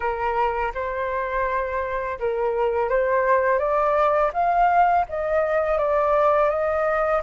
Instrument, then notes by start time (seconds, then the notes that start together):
flute
0.00 A#4
0.74 C5
2.19 A#4
2.89 C5
3.58 D5
4.33 F5
5.08 D#5
5.78 D5
6.49 D#5